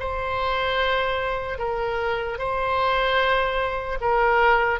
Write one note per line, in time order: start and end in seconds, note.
0.00 1.59 C5
1.59 2.39 A#4
2.39 3.99 C5
4.01 4.80 A#4